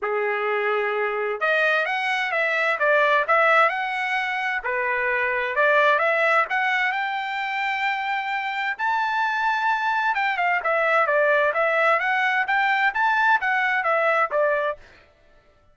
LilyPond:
\new Staff \with { instrumentName = "trumpet" } { \time 4/4 \tempo 4 = 130 gis'2. dis''4 | fis''4 e''4 d''4 e''4 | fis''2 b'2 | d''4 e''4 fis''4 g''4~ |
g''2. a''4~ | a''2 g''8 f''8 e''4 | d''4 e''4 fis''4 g''4 | a''4 fis''4 e''4 d''4 | }